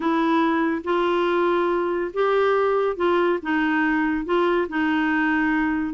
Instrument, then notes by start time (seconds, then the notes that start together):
clarinet
0.00 E4
0.84 F4
2.13 G4
2.96 F4
3.42 D#4
4.25 F4
4.68 D#4